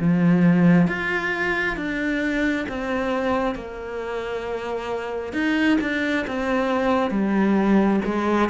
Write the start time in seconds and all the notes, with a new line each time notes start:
0.00 F3
0.88 F4
1.77 D4
2.69 C4
3.55 A#3
5.33 D#4
5.81 D4
6.27 C4
7.11 G3
8.05 G#3